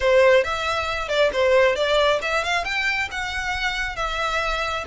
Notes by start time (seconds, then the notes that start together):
0.00 C5
0.44 E5
1.08 D5
1.33 C5
1.75 D5
2.22 E5
2.44 F5
2.64 G5
3.11 F#5
3.96 E5